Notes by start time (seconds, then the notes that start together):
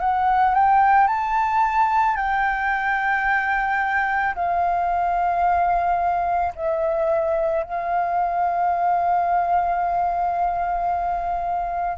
0.00 F#5
0.55 G5
1.08 A5
2.17 G5
4.35 F5
6.56 E5
7.64 F5